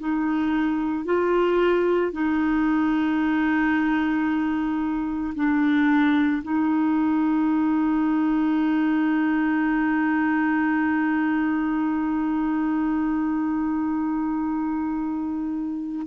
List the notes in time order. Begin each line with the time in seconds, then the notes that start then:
0.00 D#4
1.06 F4
2.13 D#4
5.35 D4
6.43 D#4